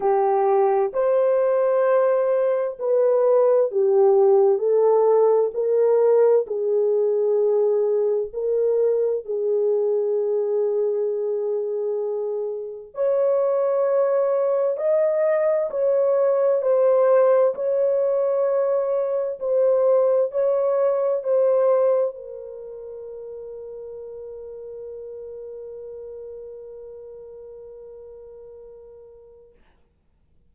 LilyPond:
\new Staff \with { instrumentName = "horn" } { \time 4/4 \tempo 4 = 65 g'4 c''2 b'4 | g'4 a'4 ais'4 gis'4~ | gis'4 ais'4 gis'2~ | gis'2 cis''2 |
dis''4 cis''4 c''4 cis''4~ | cis''4 c''4 cis''4 c''4 | ais'1~ | ais'1 | }